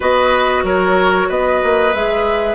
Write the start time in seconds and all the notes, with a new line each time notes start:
0.00 B3 F#4 B4 D#5
0.63 F#3 A#4 C#5
1.28 B3 B4 D#5
1.63 A#3
1.94 G#3 G#4 E5